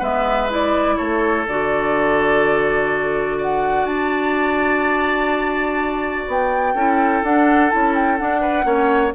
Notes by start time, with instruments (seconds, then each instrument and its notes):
0.00 bassoon G#3, clarinet B3, oboe B4, flute E5
0.50 clarinet E4, flute D5
0.97 bassoon A3, oboe A4, flute C#5
1.46 bassoon D3, clarinet F#4, flute D5
3.39 oboe D5, flute F#5
3.84 bassoon D4, flute A5
6.28 bassoon B3, flute G5
6.75 bassoon C#4, clarinet E4, oboe A4
7.23 bassoon D4, clarinet D4, flute F#5
7.70 bassoon C#4, clarinet E4, flute A5
7.95 flute G5
8.18 clarinet D4, bassoon D4, flute F#5
8.42 oboe B4
8.64 bassoon A#3, clarinet C#4, oboe C#5